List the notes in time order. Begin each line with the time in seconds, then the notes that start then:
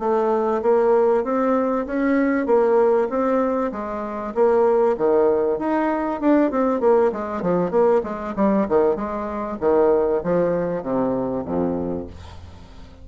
0.00 A3
0.63 A#3
1.24 C4
1.87 C#4
2.47 A#3
3.10 C4
3.73 G#3
4.35 A#3
4.98 D#3
5.59 D#4
6.21 D4
6.51 C4
6.81 A#3
7.13 G#3
7.42 F3
7.71 A#3
8.04 G#3
8.36 G3
8.69 D#3
8.96 G#3
9.61 D#3
10.24 F3
10.83 C3
11.46 F2